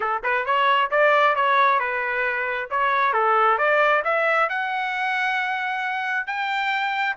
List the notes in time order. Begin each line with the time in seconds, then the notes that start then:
0.00 A4
0.23 B4
0.45 C#5
0.91 D5
1.35 C#5
1.79 B4
2.70 C#5
3.13 A4
3.58 D5
4.04 E5
4.49 F#5
6.26 G5